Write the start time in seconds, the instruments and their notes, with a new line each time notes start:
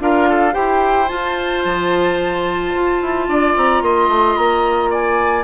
0.00 bassoon D4, clarinet F4, oboe A#4, flute F5
0.30 oboe A4
0.52 bassoon E4, clarinet G4, oboe C5, flute G5
1.08 clarinet F4, bassoon F4, flute A5
1.65 bassoon F3
2.75 bassoon F4
3.02 bassoon E4
3.28 bassoon D4, oboe D5
3.56 bassoon C4, flute A#5
3.82 bassoon A#3, oboe D#5, flute C6
4.08 bassoon A3
4.37 bassoon A#3, flute A#5
4.90 oboe D5, flute G#5